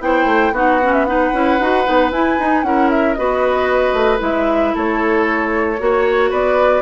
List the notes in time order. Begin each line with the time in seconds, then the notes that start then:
0.00 B3 E4 C5 G5
0.25 A3
0.51 B3 D#4 F#4 F#5
0.83 C#4
0.93 E5
1.05 D#4 B4 F#5
1.33 C#4 E4
1.59 D#4 F#4
1.84 B3 D#4
2.11 E4 G#5
2.39 D#4
2.63 C#4 E4 A#4 F#5
2.90 E5
3.14 B3 F#4 B4 D#5
3.93 A3
4.18 G#3 E4 E5
4.74 A3 A4 C#5
5.79 A#3 F#4 C#5
6.30 B3 B4 D5